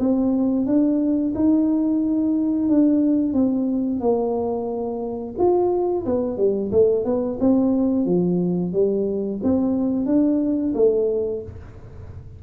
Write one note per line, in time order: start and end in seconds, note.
0.00 0.66 C4
0.66 1.34 D4
1.36 2.69 D#4
2.69 3.33 D4
3.33 4.01 C4
4.01 5.36 A#3
5.38 6.06 F4
6.06 6.38 B3
6.38 6.72 G3
6.72 7.05 A3
7.05 7.39 B3
7.41 8.06 C4
8.06 8.73 F3
8.73 9.41 G3
9.44 10.06 C4
10.06 10.74 D4
10.75 11.42 A3